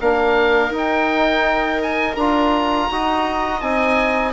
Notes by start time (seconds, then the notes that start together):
0.00 A#3 D4 A#4 F5
0.70 D#4
0.77 G5
1.82 G#5
2.15 D4 F4 A#5
2.91 D#4 F#4 D#5
3.60 C4 D#4 G#5